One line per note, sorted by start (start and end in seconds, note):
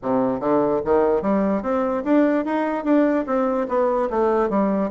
0.02 0.40 C3
0.40 0.81 D3
0.84 1.21 D#3
1.21 1.62 G3
1.62 2.03 C4
2.04 2.45 D4
2.45 2.84 D#4
2.84 3.25 D4
3.26 3.67 C4
3.68 4.09 B3
4.10 4.49 A3
4.49 4.90 G3